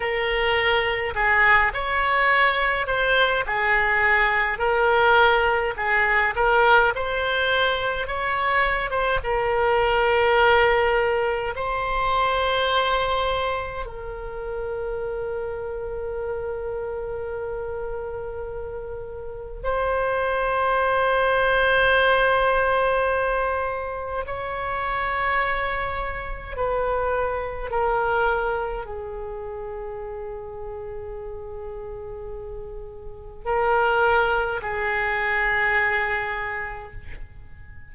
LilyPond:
\new Staff \with { instrumentName = "oboe" } { \time 4/4 \tempo 4 = 52 ais'4 gis'8 cis''4 c''8 gis'4 | ais'4 gis'8 ais'8 c''4 cis''8. c''16 | ais'2 c''2 | ais'1~ |
ais'4 c''2.~ | c''4 cis''2 b'4 | ais'4 gis'2.~ | gis'4 ais'4 gis'2 | }